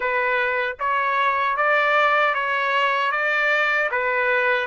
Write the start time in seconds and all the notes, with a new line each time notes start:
0.00 B4
0.79 C#5
1.56 D5
2.34 C#5
3.11 D5
3.91 B4